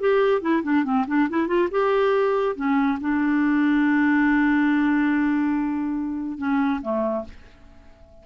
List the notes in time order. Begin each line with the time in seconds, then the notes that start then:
0.00 G4
0.42 E4
0.63 D4
0.84 C4
1.08 D4
1.30 E4
1.48 F4
1.71 G4
2.56 C#4
3.01 D4
6.38 C#4
6.82 A3